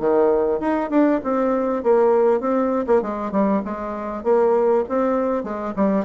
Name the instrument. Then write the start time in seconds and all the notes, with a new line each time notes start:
bassoon
0.00 D#3
0.61 D#4
0.90 D4
1.24 C4
1.84 A#3
2.41 C4
2.87 A#3
3.02 G#3
3.32 G3
3.65 G#3
4.24 A#3
4.89 C4
5.44 G#3
5.76 G3